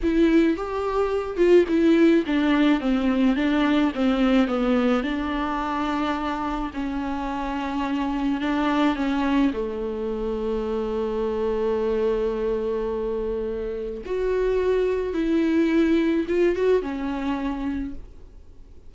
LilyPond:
\new Staff \with { instrumentName = "viola" } { \time 4/4 \tempo 4 = 107 e'4 g'4. f'8 e'4 | d'4 c'4 d'4 c'4 | b4 d'2. | cis'2. d'4 |
cis'4 a2.~ | a1~ | a4 fis'2 e'4~ | e'4 f'8 fis'8 cis'2 | }